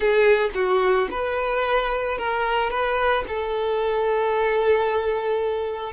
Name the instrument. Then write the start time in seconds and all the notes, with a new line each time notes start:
violin
0.00 G#4
0.54 F#4
1.11 B4
2.17 A#4
2.70 B4
3.28 A4